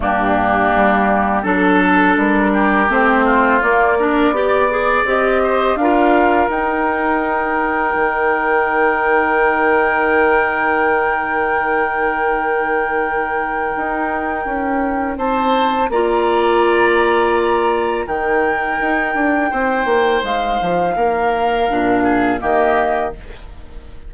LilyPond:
<<
  \new Staff \with { instrumentName = "flute" } { \time 4/4 \tempo 4 = 83 g'2 a'4 ais'4 | c''4 d''2 dis''4 | f''4 g''2.~ | g''1~ |
g''1~ | g''4 a''4 ais''2~ | ais''4 g''2. | f''2. dis''4 | }
  \new Staff \with { instrumentName = "oboe" } { \time 4/4 d'2 a'4. g'8~ | g'8 f'4 ais'8 d''4. c''8 | ais'1~ | ais'1~ |
ais'1~ | ais'4 c''4 d''2~ | d''4 ais'2 c''4~ | c''4 ais'4. gis'8 g'4 | }
  \new Staff \with { instrumentName = "clarinet" } { \time 4/4 ais2 d'2 | c'4 ais8 d'8 g'8 gis'8 g'4 | f'4 dis'2.~ | dis'1~ |
dis'1~ | dis'2 f'2~ | f'4 dis'2.~ | dis'2 d'4 ais4 | }
  \new Staff \with { instrumentName = "bassoon" } { \time 4/4 g,4 g4 fis4 g4 | a4 ais4 b4 c'4 | d'4 dis'2 dis4~ | dis1~ |
dis2. dis'4 | cis'4 c'4 ais2~ | ais4 dis4 dis'8 d'8 c'8 ais8 | gis8 f8 ais4 ais,4 dis4 | }
>>